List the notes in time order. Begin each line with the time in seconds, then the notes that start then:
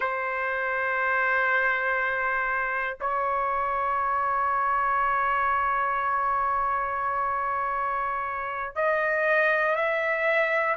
0.00 C5
3.00 C#5
8.75 D#5
9.75 E5